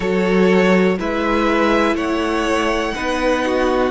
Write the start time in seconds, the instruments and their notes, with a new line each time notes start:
0.00 cello F#3, viola F#4, violin A4 C#5
0.98 cello G#3, viola E4, violin B4 E5
1.94 cello A3, violin C#5 F#5
2.94 cello B3, viola D#4, violin B4
3.45 violin F#4